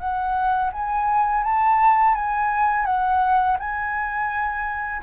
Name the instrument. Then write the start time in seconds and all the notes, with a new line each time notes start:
flute
0.00 F#5
0.73 G#5
1.44 A5
2.15 G#5
2.86 F#5
3.59 G#5